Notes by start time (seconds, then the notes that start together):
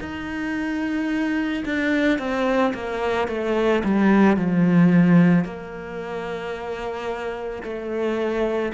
0.00 D#4
1.65 D4
2.19 C4
2.74 A#3
3.28 A3
3.84 G3
4.37 F3
5.44 A#3
7.63 A3